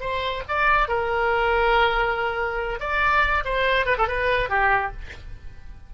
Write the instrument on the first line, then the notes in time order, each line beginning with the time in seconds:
oboe
0.00 C5
0.48 D5
0.88 A#4
2.80 D5
3.45 C5
3.86 B4
3.98 A4
4.08 B4
4.49 G4